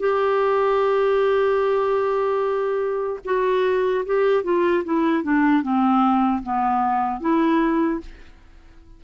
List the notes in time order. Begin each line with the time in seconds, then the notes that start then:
0.00 G4
3.25 F#4
4.06 G4
4.44 F4
4.85 E4
5.24 D4
5.63 C4
6.43 B3
7.21 E4